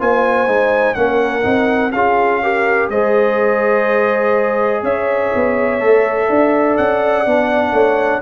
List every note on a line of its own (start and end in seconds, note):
0.00 0.47 A#3
0.00 0.48 F4
0.00 0.97 C5
0.00 0.95 G#5
0.47 0.96 G#3
0.47 0.96 D#4
0.95 1.45 A#3
0.95 1.43 C#4
0.95 1.93 A#4
0.95 1.92 F#5
1.43 1.93 C4
1.43 1.91 D#4
1.92 2.90 C#4
1.92 2.43 F4
1.92 2.42 G#4
1.92 2.89 F5
2.43 2.92 G4
2.43 2.91 A#4
2.90 4.83 G#3
2.90 5.80 G#4
2.90 4.83 C5
2.90 4.84 D#5
4.83 5.31 C#4
4.83 6.28 C#5
4.83 6.77 E5
5.35 5.81 B3
5.80 6.29 A3
5.80 7.25 A4
6.29 6.78 D4
6.29 7.73 D5
6.77 7.26 C#4
6.77 8.22 F#5
7.26 7.72 B3
7.26 8.22 D4
7.72 8.21 A3
7.72 8.22 C#5